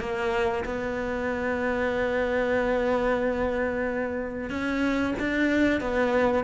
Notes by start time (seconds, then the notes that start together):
0.00 A#3
0.65 B3
4.50 C#4
5.20 D4
5.81 B3